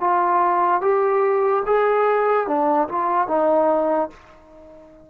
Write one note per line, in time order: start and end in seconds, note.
0.00 0.81 F4
0.81 1.63 G4
1.66 2.47 G#4
2.47 2.88 D4
2.88 3.28 F4
3.28 4.10 D#4